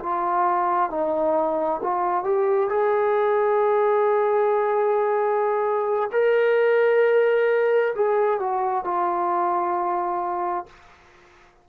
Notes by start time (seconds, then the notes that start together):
0.00 F4
0.90 D#4
1.83 F4
2.24 G4
2.69 G#4
6.12 A#4
7.95 G#4
8.40 F#4
8.85 F4